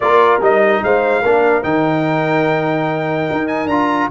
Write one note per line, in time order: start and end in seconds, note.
0.00 0.40 A#3
0.00 0.41 F4
0.00 0.83 A#4
0.00 0.41 D5
0.40 0.81 G3
0.40 1.23 D#4
0.40 0.83 D#5
0.83 1.24 G#3
0.83 1.21 C5
0.83 1.63 F5
1.21 1.64 A#3
1.21 1.62 D4
1.21 4.09 A#4
1.62 3.28 D#3
1.62 3.68 D#4
1.62 3.47 G5
3.31 3.66 D#4
3.47 3.67 G#5
3.66 4.07 D4
3.66 4.11 F4
3.66 4.08 A#5